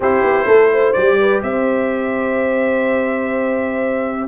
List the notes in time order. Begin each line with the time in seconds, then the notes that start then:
0.00 C4 E4 G4 C5
0.22 B3
0.46 A3 A4
0.71 C5
0.93 G3 G4 D5
1.20 B4
1.42 C4 C5 E5